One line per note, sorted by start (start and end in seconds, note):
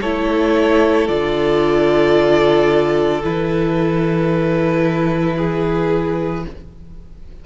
0.00 1.08 A3
0.00 1.08 E4
0.00 5.36 A4
0.00 1.07 C#5
1.07 3.23 D3
1.07 3.22 F4
1.07 3.22 D5
3.22 6.45 E3
3.22 6.44 E4
3.22 6.45 B4
5.37 6.44 G#4